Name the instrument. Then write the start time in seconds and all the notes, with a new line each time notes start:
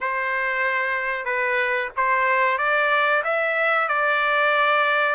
trumpet
0.00 C5
1.25 B4
1.96 C5
2.58 D5
3.24 E5
3.88 D5